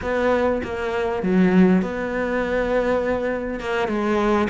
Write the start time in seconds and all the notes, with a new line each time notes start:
0.02 B3
0.63 A#3
1.22 F#3
1.81 B3
3.59 A#3
3.88 G#3